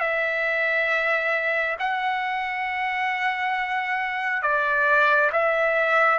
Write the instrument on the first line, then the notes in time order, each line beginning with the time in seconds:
trumpet
0.00 E5
1.79 F#5
4.42 D5
5.32 E5